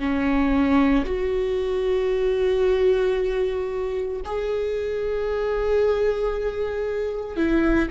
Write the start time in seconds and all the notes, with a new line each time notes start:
0.00 C#4
1.06 F#4
4.25 G#4
7.37 E4